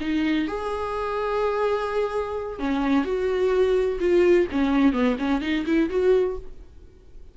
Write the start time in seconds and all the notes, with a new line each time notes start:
0.00 D#4
0.47 G#4
2.59 C#4
3.04 F#4
4.00 F4
4.51 C#4
4.93 B3
5.19 C#4
5.41 D#4
5.66 E4
5.89 F#4